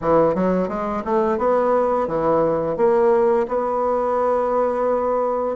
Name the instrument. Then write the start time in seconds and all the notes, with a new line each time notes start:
bassoon
0.01 E3
0.34 F#3
0.68 G#3
1.04 A3
1.38 B3
2.07 E3
2.77 A#3
3.48 B3